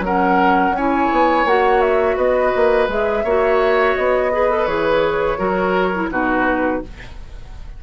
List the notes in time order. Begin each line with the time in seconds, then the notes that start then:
0.00 F#3 C#4 A#4 F#5
0.71 C#4 G#5
0.77 E4 C#5
1.12 B3
1.45 A#3 F#4 F#5
1.81 E5
2.17 B3 B4 D#5
2.56 A#3
2.88 G#3 G#4 E5
3.24 A#3 F#4 C#5
3.96 B3 D#5
4.32 G#4 B4
4.50 A4
4.66 E3 G#4 C#5
5.38 F#3 F#4 A#4
5.95 E4
6.11 B2 D#4 F#4 B4